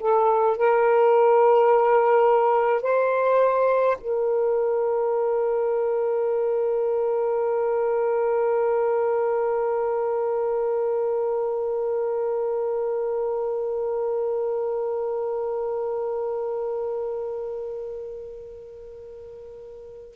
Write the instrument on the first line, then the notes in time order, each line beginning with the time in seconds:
saxophone
0.00 A4
0.57 A#4
2.82 C5
4.01 A#4